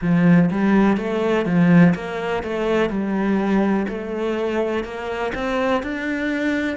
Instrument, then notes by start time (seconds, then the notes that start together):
cello
0.01 F3
0.50 G3
0.97 A3
1.45 F3
1.94 A#3
2.43 A3
2.89 G3
3.88 A3
4.84 A#3
5.34 C4
5.82 D4